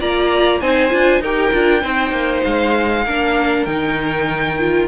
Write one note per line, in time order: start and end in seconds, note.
0.00 0.61 A#3
0.00 0.61 F4
0.00 0.61 D5
0.00 0.60 A#5
0.60 0.92 C4
0.60 0.90 D#4
0.60 1.21 C5
0.60 1.22 G#5
0.90 1.20 D4
0.90 1.21 F4
1.20 1.51 D#4
1.20 1.53 G4
1.20 1.81 A#4
1.20 2.44 G5
1.53 1.84 D4
1.53 1.81 F4
1.81 2.11 C4
1.81 3.04 D#4
1.81 3.04 C5
2.11 2.41 A#3
2.44 3.07 G#3
2.44 3.65 F5
3.05 3.66 A#3
3.05 3.68 D4
3.05 4.88 A#4
3.65 4.88 D#3
3.65 4.59 D#4
3.65 4.87 G5
4.59 4.88 F4